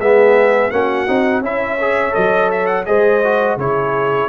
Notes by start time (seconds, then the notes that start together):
0.00 G#3 B3 G#4 E5
0.71 A#3 C#4 F#4 F#5
1.08 C4 D#4
1.41 C#4 E4 C#5 E5
1.82 G#4
2.12 F#3 A4 D#5
2.52 E5
2.67 F#5
2.86 G#3 G#4 C5 D#5
3.24 F#4
3.57 C#3 E4 G#4 C#5